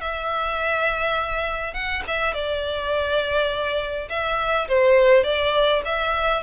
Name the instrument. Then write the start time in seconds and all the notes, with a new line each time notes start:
violin
0.00 E5
1.73 F#5
2.07 E5
2.34 D5
4.09 E5
4.68 C5
5.23 D5
5.84 E5